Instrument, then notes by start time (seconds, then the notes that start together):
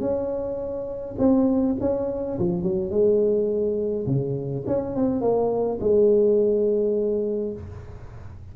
tuba
0.00 C#4
1.18 C4
1.80 C#4
2.38 F3
2.62 F#3
2.90 G#3
4.06 C#3
4.66 C#4
4.95 C4
5.21 A#3
5.80 G#3